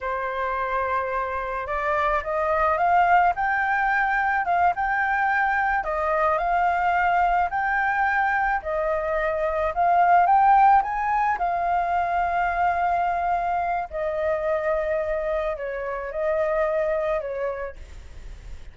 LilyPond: \new Staff \with { instrumentName = "flute" } { \time 4/4 \tempo 4 = 108 c''2. d''4 | dis''4 f''4 g''2 | f''8 g''2 dis''4 f''8~ | f''4. g''2 dis''8~ |
dis''4. f''4 g''4 gis''8~ | gis''8 f''2.~ f''8~ | f''4 dis''2. | cis''4 dis''2 cis''4 | }